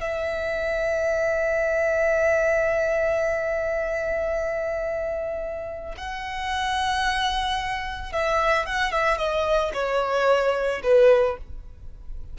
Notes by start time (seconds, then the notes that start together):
0.00 E5
5.97 F#5
8.12 E5
8.66 F#5
8.91 E5
9.17 D#5
9.73 C#5
10.83 B4